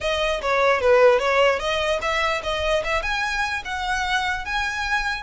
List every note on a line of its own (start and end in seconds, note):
0.01 0.41 D#5
0.41 0.81 C#5
0.81 1.19 B4
1.19 1.59 C#5
1.59 1.99 D#5
2.01 2.41 E5
2.43 2.83 D#5
2.84 3.02 E5
3.02 3.62 G#5
3.64 4.45 F#5
4.45 5.23 G#5